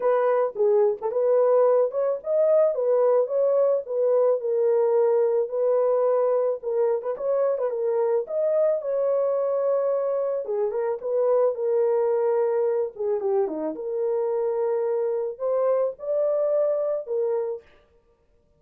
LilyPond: \new Staff \with { instrumentName = "horn" } { \time 4/4 \tempo 4 = 109 b'4 gis'8. a'16 b'4. cis''8 | dis''4 b'4 cis''4 b'4 | ais'2 b'2 | ais'8. b'16 cis''8. b'16 ais'4 dis''4 |
cis''2. gis'8 ais'8 | b'4 ais'2~ ais'8 gis'8 | g'8 dis'8 ais'2. | c''4 d''2 ais'4 | }